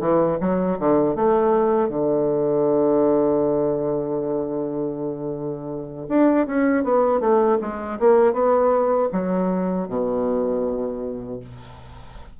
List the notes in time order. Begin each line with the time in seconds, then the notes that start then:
0.00 E3
0.40 F#3
0.79 D3
1.15 A3
1.89 D3
6.09 D4
6.47 C#4
6.84 B3
7.20 A3
7.61 G#3
8.00 A#3
8.33 B3
9.12 F#3
9.88 B2